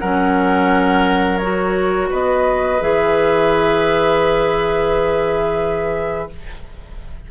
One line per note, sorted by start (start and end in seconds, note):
0.00 2.11 F#3
0.00 1.40 C#4
0.00 2.10 A#4
0.00 1.38 F#5
1.38 2.81 F#4
1.38 2.08 C#5
2.10 2.82 B3
2.10 6.29 B4
2.10 2.82 D#5
2.81 6.30 E3
2.81 6.29 G#4
2.81 6.31 E5